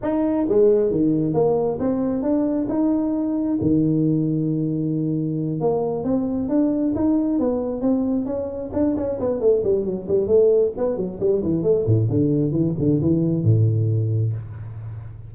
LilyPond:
\new Staff \with { instrumentName = "tuba" } { \time 4/4 \tempo 4 = 134 dis'4 gis4 dis4 ais4 | c'4 d'4 dis'2 | dis1~ | dis8 ais4 c'4 d'4 dis'8~ |
dis'8 b4 c'4 cis'4 d'8 | cis'8 b8 a8 g8 fis8 g8 a4 | b8 fis8 g8 e8 a8 a,8 d4 | e8 d8 e4 a,2 | }